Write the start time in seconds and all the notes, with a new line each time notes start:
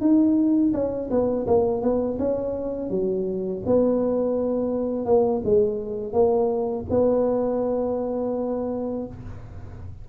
0.00 D#4
0.73 C#4
1.10 B3
1.46 A#3
1.81 B3
2.18 C#4
2.89 F#3
3.66 B3
5.05 A#3
5.44 G#3
6.12 A#3
6.89 B3